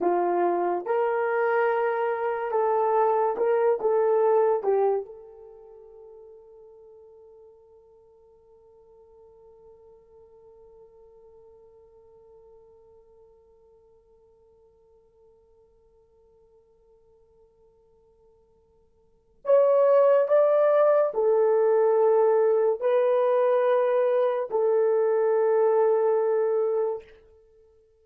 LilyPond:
\new Staff \with { instrumentName = "horn" } { \time 4/4 \tempo 4 = 71 f'4 ais'2 a'4 | ais'8 a'4 g'8 a'2~ | a'1~ | a'1~ |
a'1~ | a'2. cis''4 | d''4 a'2 b'4~ | b'4 a'2. | }